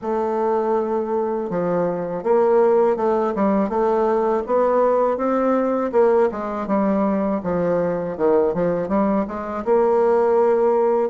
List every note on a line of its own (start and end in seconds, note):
0.01 1.49 A3
1.50 2.23 F3
2.23 2.96 A#3
2.96 3.33 A3
3.35 3.69 G3
3.69 4.43 A3
4.46 5.17 B3
5.17 5.91 C4
5.92 6.29 A#3
6.31 6.67 G#3
6.67 7.41 G3
7.43 8.17 F3
8.17 8.54 D#3
8.54 8.88 F3
8.88 9.25 G3
9.27 9.64 G#3
9.65 11.09 A#3